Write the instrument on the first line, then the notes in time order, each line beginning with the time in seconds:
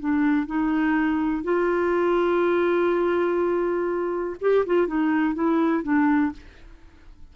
clarinet
0.00 D4
0.47 D#4
1.44 F4
4.41 G4
4.66 F4
4.88 D#4
5.35 E4
5.84 D4